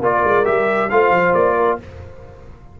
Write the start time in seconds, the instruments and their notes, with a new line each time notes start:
0.00 tuba A#3, trombone F4, horn A#4, trumpet D5
0.24 tuba G#3
0.44 tuba G3, trombone G4, trumpet E5
0.90 tuba A3, trombone F4, horn C5, trumpet F5
1.10 tuba F3
1.34 tuba A#3, trumpet D5
1.56 horn A#4